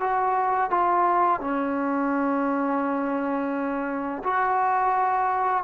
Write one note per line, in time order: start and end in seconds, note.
0.00 0.70 F#4
0.70 1.40 F4
1.40 4.23 C#4
4.23 5.64 F#4